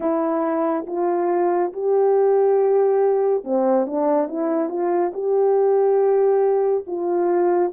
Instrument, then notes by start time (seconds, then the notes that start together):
horn
0.00 E4
0.86 F4
1.73 G4
3.44 C4
3.86 D4
4.27 E4
4.69 F4
5.13 G4
6.86 F4